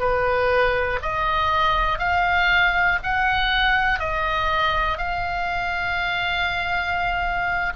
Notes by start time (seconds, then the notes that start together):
0.00 B4
1.03 D#5
1.99 F5
3.04 F#5
4.00 D#5
4.98 F5